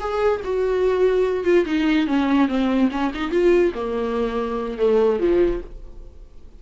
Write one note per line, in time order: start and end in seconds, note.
0.00 0.41 G#4
0.44 1.44 F#4
1.44 1.65 F4
1.66 2.07 D#4
2.07 2.48 C#4
2.48 2.90 C4
2.92 3.12 C#4
3.15 3.31 D#4
3.31 3.73 F4
3.75 4.78 A#3
4.78 5.19 A3
5.19 5.61 F3